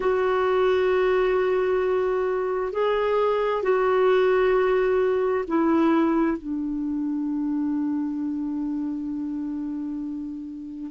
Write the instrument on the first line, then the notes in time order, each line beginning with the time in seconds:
clarinet
0.00 F#4
2.72 G#4
3.62 F#4
5.47 E4
6.37 D4